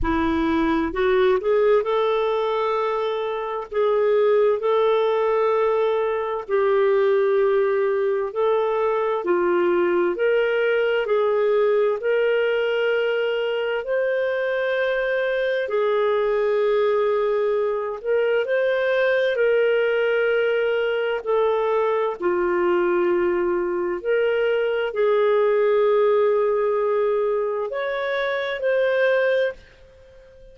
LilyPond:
\new Staff \with { instrumentName = "clarinet" } { \time 4/4 \tempo 4 = 65 e'4 fis'8 gis'8 a'2 | gis'4 a'2 g'4~ | g'4 a'4 f'4 ais'4 | gis'4 ais'2 c''4~ |
c''4 gis'2~ gis'8 ais'8 | c''4 ais'2 a'4 | f'2 ais'4 gis'4~ | gis'2 cis''4 c''4 | }